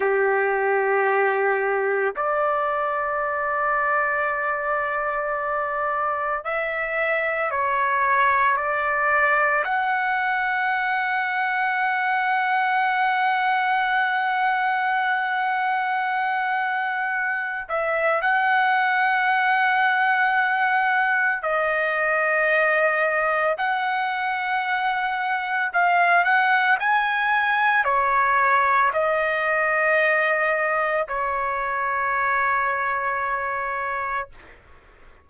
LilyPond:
\new Staff \with { instrumentName = "trumpet" } { \time 4/4 \tempo 4 = 56 g'2 d''2~ | d''2 e''4 cis''4 | d''4 fis''2.~ | fis''1~ |
fis''8 e''8 fis''2. | dis''2 fis''2 | f''8 fis''8 gis''4 cis''4 dis''4~ | dis''4 cis''2. | }